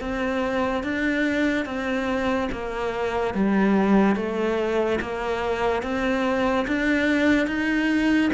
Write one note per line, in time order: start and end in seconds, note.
0.00 0.83 C4
0.83 1.65 D4
1.65 2.48 C4
2.52 3.34 A#3
3.34 4.16 G3
4.16 4.99 A3
5.00 5.82 A#3
5.82 6.66 C4
6.67 7.47 D4
7.47 8.30 D#4